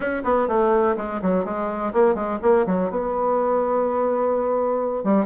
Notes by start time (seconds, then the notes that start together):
0.00 C#4
0.24 B3
0.47 A3
0.96 G#3
1.22 F#3
1.44 G#3
1.93 A#3
2.15 G#3
2.42 A#3
2.66 F#3
2.90 B3
5.04 G3